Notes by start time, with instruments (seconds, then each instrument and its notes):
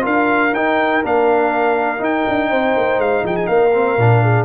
0.00 tuba D4, trombone F4, horn A#4, trumpet F5
0.52 tuba D#4, trombone D#4, trumpet G5
1.03 tuba A#3, trombone D4, trumpet F5
1.98 trombone D#4, tuba D#4, trumpet G5
2.28 tuba D4
2.49 tuba C4, horn C5
2.76 tuba A#3
2.98 tuba G#3, trumpet F5
3.23 tuba F3, horn G#4, trumpet G5
3.36 trumpet G#5
3.46 tuba A#3, horn A#4, trumpet F5
3.73 trombone C4
3.97 tuba A#2, trombone D4
4.22 horn G#4